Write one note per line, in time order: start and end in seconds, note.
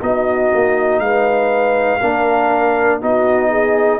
0.00 0.52 B3
0.00 2.00 D#4
0.00 1.04 F#4
0.00 1.00 D#5
0.54 0.99 A#3
0.99 1.99 G#3
0.99 2.01 B4
0.99 3.00 F5
2.01 3.02 A#3
2.01 3.01 D4
2.01 3.01 A#4
3.01 4.00 B3
3.01 4.00 D#4
3.01 3.50 F#4
3.01 4.00 D#5
3.50 4.00 G#4